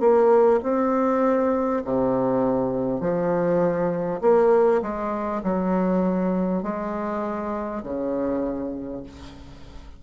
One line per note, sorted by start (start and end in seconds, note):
0.00 0.60 A#3
0.63 1.83 C4
1.84 3.00 C3
3.00 4.20 F3
4.21 4.81 A#3
4.82 5.42 G#3
5.43 6.63 F#3
6.63 7.83 G#3
7.83 9.03 C#3